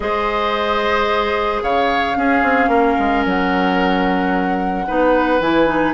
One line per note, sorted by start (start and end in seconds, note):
0.00 1.62 G#3
0.00 2.14 G#4
0.00 1.63 C5
0.00 1.60 D#5
1.62 2.16 C#3
1.62 2.17 C#5
1.62 3.25 F5
2.15 4.85 C#4
2.15 2.42 C#4
2.15 2.69 G#4
2.42 2.68 C4
2.68 2.95 A#3
2.68 4.85 A#4
2.98 3.25 G#3
3.25 4.87 F#3
3.25 5.41 F#5
4.86 5.39 B3
4.86 5.40 D#4
4.86 5.93 B4
5.39 5.93 E3
5.39 5.66 E4
5.39 5.93 G#5
5.66 5.93 D#4